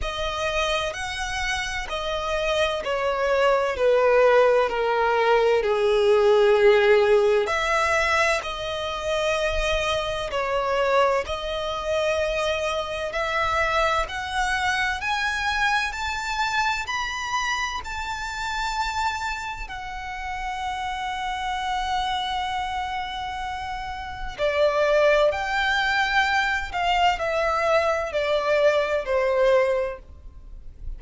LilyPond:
\new Staff \with { instrumentName = "violin" } { \time 4/4 \tempo 4 = 64 dis''4 fis''4 dis''4 cis''4 | b'4 ais'4 gis'2 | e''4 dis''2 cis''4 | dis''2 e''4 fis''4 |
gis''4 a''4 b''4 a''4~ | a''4 fis''2.~ | fis''2 d''4 g''4~ | g''8 f''8 e''4 d''4 c''4 | }